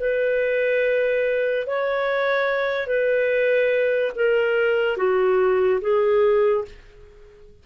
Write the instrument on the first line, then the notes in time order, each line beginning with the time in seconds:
clarinet
0.00 B4
1.67 C#5
2.87 B4
4.16 A#4
4.97 F#4
5.81 G#4